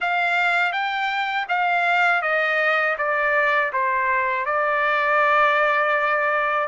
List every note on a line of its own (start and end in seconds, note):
0.00 0.72 F5
0.72 1.46 G5
1.48 2.22 F5
2.22 2.96 D#5
2.98 3.72 D5
3.72 4.45 C5
4.45 6.67 D5